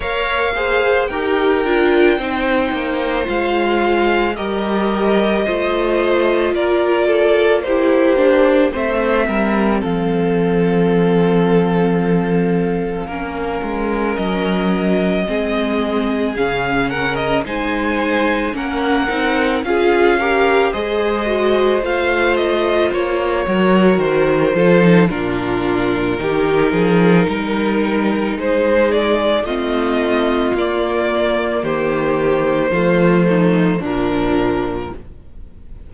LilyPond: <<
  \new Staff \with { instrumentName = "violin" } { \time 4/4 \tempo 4 = 55 f''4 g''2 f''4 | dis''2 d''4 c''4 | e''4 f''2.~ | f''4 dis''2 f''8 fis''16 dis''16 |
gis''4 fis''4 f''4 dis''4 | f''8 dis''8 cis''4 c''4 ais'4~ | ais'2 c''8 d''8 dis''4 | d''4 c''2 ais'4 | }
  \new Staff \with { instrumentName = "violin" } { \time 4/4 cis''8 c''8 ais'4 c''2 | ais'4 c''4 ais'8 a'8 g'4 | c''8 ais'8 a'2. | ais'2 gis'4. ais'8 |
c''4 ais'4 gis'8 ais'8 c''4~ | c''4. ais'4 a'8 f'4 | g'8 gis'8 ais'4 gis'4 f'4~ | f'4 g'4 f'8 dis'8 d'4 | }
  \new Staff \with { instrumentName = "viola" } { \time 4/4 ais'8 gis'8 g'8 f'8 dis'4 f'4 | g'4 f'2 e'8 d'8 | c'1 | cis'2 c'4 cis'4 |
dis'4 cis'8 dis'8 f'8 g'8 gis'8 fis'8 | f'4. fis'4 f'16 dis'16 d'4 | dis'2. c'4 | ais2 a4 f4 | }
  \new Staff \with { instrumentName = "cello" } { \time 4/4 ais4 dis'8 d'8 c'8 ais8 gis4 | g4 a4 ais2 | a8 g8 f2. | ais8 gis8 fis4 gis4 cis4 |
gis4 ais8 c'8 cis'4 gis4 | a4 ais8 fis8 dis8 f8 ais,4 | dis8 f8 g4 gis4 a4 | ais4 dis4 f4 ais,4 | }
>>